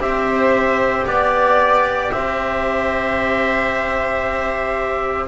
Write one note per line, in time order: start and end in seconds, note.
0.00 1.05 C4
0.00 5.27 G4
0.00 1.06 C5
0.00 1.06 E5
1.06 2.11 B3
1.06 2.11 D5
2.11 5.28 C4
2.11 5.28 C5
2.11 5.27 E5